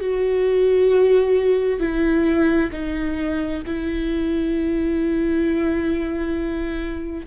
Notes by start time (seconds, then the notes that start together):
0.00 F#4
1.79 E4
2.72 D#4
3.66 E4